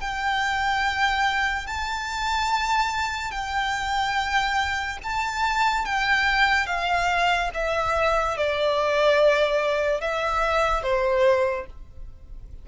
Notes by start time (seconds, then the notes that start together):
0.00 G5
1.66 A5
3.31 G5
5.03 A5
5.85 G5
6.66 F5
7.53 E5
8.37 D5
10.00 E5
10.83 C5